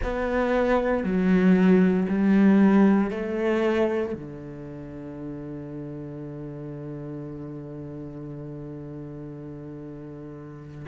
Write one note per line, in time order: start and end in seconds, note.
0.03 1.03 B3
1.03 2.07 F#3
2.08 3.10 G3
3.10 4.13 A3
4.13 10.86 D3